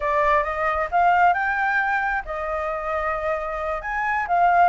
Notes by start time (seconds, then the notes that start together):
0.00 D5
0.43 D#5
0.91 F5
1.33 G5
2.25 D#5
3.81 G#5
4.27 F5